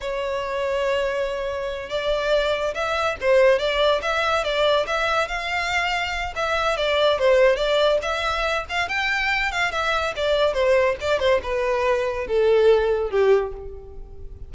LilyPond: \new Staff \with { instrumentName = "violin" } { \time 4/4 \tempo 4 = 142 cis''1~ | cis''8 d''2 e''4 c''8~ | c''8 d''4 e''4 d''4 e''8~ | e''8 f''2~ f''8 e''4 |
d''4 c''4 d''4 e''4~ | e''8 f''8 g''4. f''8 e''4 | d''4 c''4 d''8 c''8 b'4~ | b'4 a'2 g'4 | }